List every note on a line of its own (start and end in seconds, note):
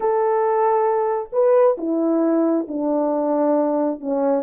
0.00 1.29 A4
1.32 1.77 B4
1.77 2.66 E4
2.67 4.00 D4
4.00 4.42 C#4